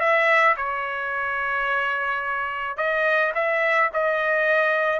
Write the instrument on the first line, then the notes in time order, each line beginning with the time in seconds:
trumpet
0.00 E5
0.57 C#5
2.77 D#5
3.35 E5
3.94 D#5